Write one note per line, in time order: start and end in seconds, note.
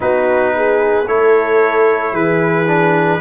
0.00 1.07 B3
0.00 1.05 D#4
0.00 0.55 F#4
0.00 1.07 B4
0.55 1.07 G#4
1.07 2.12 A3
1.07 2.67 E4
1.07 2.12 A4
1.07 2.14 C#5
2.12 3.19 E3
2.12 3.19 G#4
2.12 3.20 B4
2.67 3.20 D4